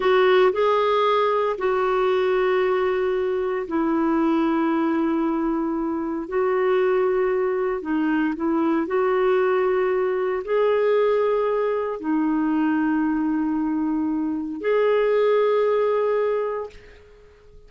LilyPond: \new Staff \with { instrumentName = "clarinet" } { \time 4/4 \tempo 4 = 115 fis'4 gis'2 fis'4~ | fis'2. e'4~ | e'1 | fis'2. dis'4 |
e'4 fis'2. | gis'2. dis'4~ | dis'1 | gis'1 | }